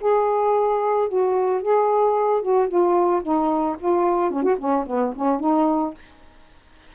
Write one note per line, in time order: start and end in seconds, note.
0.00 1.08 G#4
1.08 1.62 F#4
1.62 2.42 G#4
2.42 2.68 F#4
2.68 3.22 F4
3.22 3.76 D#4
3.79 4.31 F4
4.31 4.43 C#4
4.43 4.56 F#4
4.58 4.85 C#4
4.86 5.13 B3
5.15 5.40 C#4
5.40 5.94 D#4